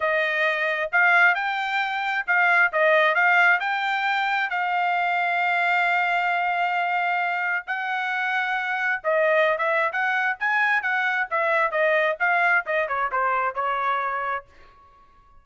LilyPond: \new Staff \with { instrumentName = "trumpet" } { \time 4/4 \tempo 4 = 133 dis''2 f''4 g''4~ | g''4 f''4 dis''4 f''4 | g''2 f''2~ | f''1~ |
f''4 fis''2. | dis''4~ dis''16 e''8. fis''4 gis''4 | fis''4 e''4 dis''4 f''4 | dis''8 cis''8 c''4 cis''2 | }